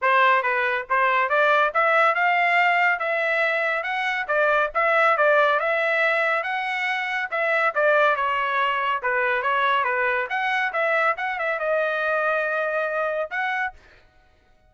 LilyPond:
\new Staff \with { instrumentName = "trumpet" } { \time 4/4 \tempo 4 = 140 c''4 b'4 c''4 d''4 | e''4 f''2 e''4~ | e''4 fis''4 d''4 e''4 | d''4 e''2 fis''4~ |
fis''4 e''4 d''4 cis''4~ | cis''4 b'4 cis''4 b'4 | fis''4 e''4 fis''8 e''8 dis''4~ | dis''2. fis''4 | }